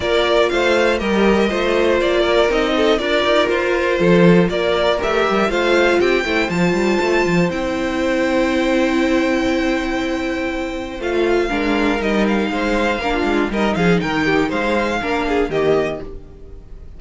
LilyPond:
<<
  \new Staff \with { instrumentName = "violin" } { \time 4/4 \tempo 4 = 120 d''4 f''4 dis''2 | d''4 dis''4 d''4 c''4~ | c''4 d''4 e''4 f''4 | g''4 a''2 g''4~ |
g''1~ | g''2 f''2 | dis''8 f''2~ f''8 dis''8 f''8 | g''4 f''2 dis''4 | }
  \new Staff \with { instrumentName = "violin" } { \time 4/4 ais'4 c''4 ais'4 c''4~ | c''8 ais'4 a'8 ais'2 | a'4 ais'2 c''4 | g'8 c''2.~ c''8~ |
c''1~ | c''2. ais'4~ | ais'4 c''4 ais'16 f'8. ais'8 gis'8 | ais'8 g'8 c''4 ais'8 gis'8 g'4 | }
  \new Staff \with { instrumentName = "viola" } { \time 4/4 f'2 g'4 f'4~ | f'4 dis'4 f'2~ | f'2 g'4 f'4~ | f'8 e'8 f'2 e'4~ |
e'1~ | e'2 f'4 d'4 | dis'2 d'4 dis'4~ | dis'2 d'4 ais4 | }
  \new Staff \with { instrumentName = "cello" } { \time 4/4 ais4 a4 g4 a4 | ais4 c'4 d'8 dis'8 f'4 | f4 ais4 a8 g8 a4 | c'8 a8 f8 g8 a8 f8 c'4~ |
c'1~ | c'2 a4 gis4 | g4 gis4 ais8 gis8 g8 f8 | dis4 gis4 ais4 dis4 | }
>>